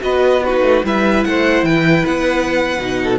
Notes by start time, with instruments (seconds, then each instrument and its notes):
0.00 cello B3, viola F#4, violin B4 D#5
0.44 viola D#4, violin F#4 B4
0.61 cello A3
0.84 cello G3, viola E4, violin B4 E5
1.24 cello A3, violin C5 F#5
1.63 cello E3, violin B4 G5
2.05 cello B3, violin F#5
2.79 cello B2, viola D#4
3.04 violin A4